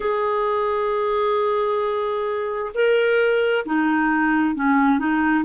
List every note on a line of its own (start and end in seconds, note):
0.00 2.72 G#4
2.74 3.65 A#4
3.65 4.55 D#4
4.55 4.98 C#4
4.98 5.44 D#4